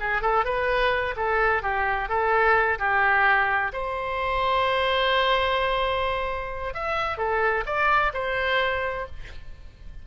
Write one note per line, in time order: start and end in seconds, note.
0.00 0.22 G#4
0.22 0.45 A4
0.45 1.15 B4
1.16 1.62 A4
1.62 2.09 G4
2.09 2.78 A4
2.79 3.72 G4
3.73 6.74 C5
6.74 7.18 E5
7.18 7.64 A4
7.66 8.12 D5
8.14 9.07 C5